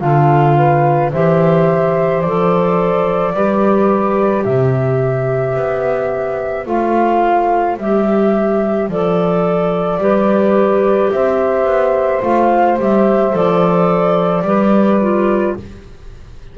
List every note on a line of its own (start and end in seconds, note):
0.00 1.12 D3
0.00 1.11 F4
0.00 0.56 A4
0.00 1.12 F5
0.56 1.12 B4
1.12 2.24 E3
1.12 2.25 G4
1.12 3.34 C5
1.12 2.22 E5
2.22 3.34 F3
2.22 3.35 A4
2.22 4.44 D5
3.34 4.45 G3
3.34 6.66 G4
3.34 4.45 B4
4.44 5.56 C3
4.44 10.00 C5
4.44 6.67 E5
5.56 6.66 B3
6.66 7.78 A3
6.66 7.78 F4
6.66 7.78 F5
7.78 8.88 G3
7.78 8.91 G4
7.78 8.90 E5
8.88 9.98 F3
8.88 10.00 A4
8.88 11.11 D5
9.98 11.09 G3
9.98 12.22 G4
9.98 11.13 B4
11.11 11.65 C4
11.11 14.46 C5
11.11 12.22 E5
11.65 12.21 B3
12.22 12.78 A3
12.22 12.78 F4
12.22 12.78 F5
12.78 13.33 G3
12.78 13.32 G4
12.78 13.36 E5
13.32 14.42 F3
13.32 14.44 A4
13.32 15.58 D5
14.42 15.53 G3
14.42 15.01 G4
14.42 15.57 B4
15.01 15.57 F4